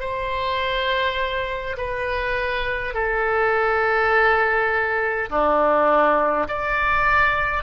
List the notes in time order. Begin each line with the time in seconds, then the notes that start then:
0.00 C5
1.78 B4
2.94 A4
5.30 D4
6.48 D5